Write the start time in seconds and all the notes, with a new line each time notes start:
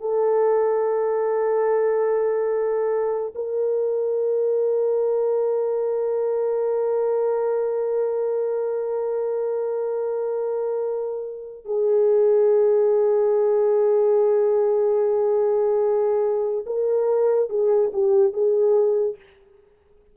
0.00 A4
3.35 A#4
11.65 G#4
16.66 A#4
17.49 G#4
17.93 G4
18.33 G#4